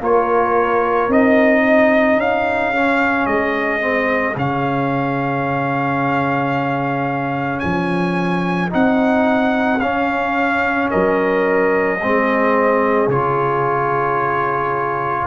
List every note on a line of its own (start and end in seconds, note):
0.00 1.09 A#3
0.00 1.10 F4
0.00 1.63 A#4
0.00 1.12 C#5
1.09 2.17 C4
1.09 2.74 D#4
1.09 2.20 D#5
1.63 10.90 G#4
2.17 3.26 C#4
2.17 3.26 F5
2.74 3.80 C#4
3.26 4.36 G#3
3.26 4.35 D#5
3.80 4.35 C4
4.36 7.63 C#3
4.36 8.70 C#4
4.36 7.60 F5
7.60 8.73 F3
7.60 8.69 G#5
8.70 9.82 C4
8.70 9.79 D#4
8.70 9.80 F#5
9.80 10.91 C#4
9.80 12.00 C#4
9.80 10.89 F5
10.91 12.02 F#3
10.91 12.00 A#4
10.91 13.09 D#5
12.00 13.08 G#3
12.00 13.11 C4
12.00 15.27 G#4
13.08 15.26 C#3
13.08 15.27 F4
13.08 15.27 C#5